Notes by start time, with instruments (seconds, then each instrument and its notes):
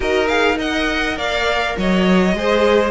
0.00 cello D#4, viola F#4, violin A#4 D#5
0.27 viola G#4, violin F5
0.55 viola A#4, violin D#5 F#5
1.17 cello A#3, violin D5 F5
1.77 cello F#3, violin C#5 D#5
2.33 cello G#3, viola G#4, violin C5